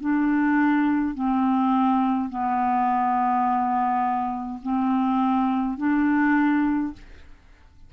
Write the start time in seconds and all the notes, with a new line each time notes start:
0.00 D4
1.14 C4
2.29 B3
4.62 C4
5.77 D4